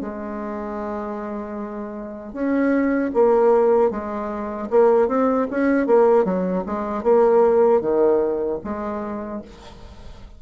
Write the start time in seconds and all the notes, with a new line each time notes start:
0.00 G#3
2.33 C#4
3.13 A#3
3.90 G#3
4.70 A#3
5.08 C4
5.50 C#4
5.86 A#3
6.24 F#3
6.66 G#3
7.03 A#3
7.81 D#3
8.64 G#3